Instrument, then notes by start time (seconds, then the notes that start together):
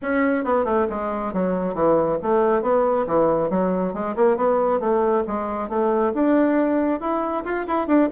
bassoon
0.02 C#4
0.44 B3
0.64 A3
0.89 G#3
1.33 F#3
1.74 E3
2.22 A3
2.62 B3
3.06 E3
3.50 F#3
3.93 G#3
4.16 A#3
4.36 B3
4.80 A3
5.27 G#3
5.69 A3
6.14 D4
7.00 E4
7.44 F4
7.67 E4
7.87 D4